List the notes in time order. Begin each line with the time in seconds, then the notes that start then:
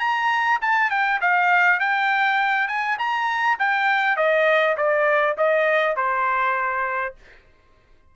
0.00 A#5
0.62 A5
0.90 G5
1.21 F5
1.80 G5
2.68 G#5
2.99 A#5
3.59 G5
4.17 D#5
4.77 D5
5.38 D#5
5.96 C5